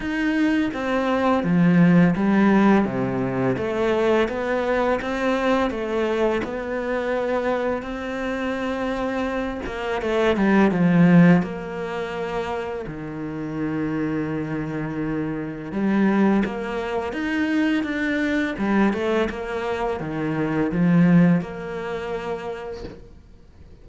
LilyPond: \new Staff \with { instrumentName = "cello" } { \time 4/4 \tempo 4 = 84 dis'4 c'4 f4 g4 | c4 a4 b4 c'4 | a4 b2 c'4~ | c'4. ais8 a8 g8 f4 |
ais2 dis2~ | dis2 g4 ais4 | dis'4 d'4 g8 a8 ais4 | dis4 f4 ais2 | }